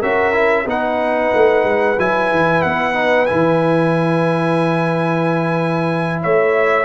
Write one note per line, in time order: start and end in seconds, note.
0.00 0.66 C#4
0.00 0.33 F#4
0.00 0.65 A#4
0.00 0.68 E5
0.33 0.66 E4
0.66 1.32 B3
0.66 1.97 D#4
0.66 6.23 B4
0.66 2.00 F#5
1.35 1.65 A3
1.65 1.97 G#3
1.99 2.32 F#3
1.99 2.94 E4
1.99 2.63 G#5
2.32 2.64 E3
2.63 3.30 B3
2.63 3.26 F#5
2.94 3.27 D#4
3.26 6.25 E3
3.26 6.85 E4
3.26 6.20 G#5
6.23 6.85 A3
6.23 6.85 C#5
6.23 6.85 E5